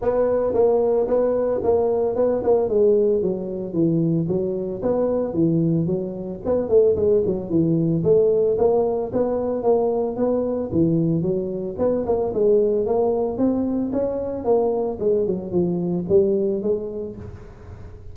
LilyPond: \new Staff \with { instrumentName = "tuba" } { \time 4/4 \tempo 4 = 112 b4 ais4 b4 ais4 | b8 ais8 gis4 fis4 e4 | fis4 b4 e4 fis4 | b8 a8 gis8 fis8 e4 a4 |
ais4 b4 ais4 b4 | e4 fis4 b8 ais8 gis4 | ais4 c'4 cis'4 ais4 | gis8 fis8 f4 g4 gis4 | }